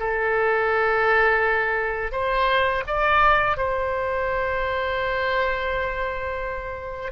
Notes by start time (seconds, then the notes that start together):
0.00 A4
2.12 C5
2.87 D5
3.57 C5